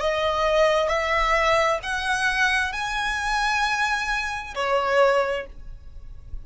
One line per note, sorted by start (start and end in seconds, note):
0.00 0.88 D#5
0.88 1.79 E5
1.83 2.72 F#5
2.72 4.54 G#5
4.55 5.46 C#5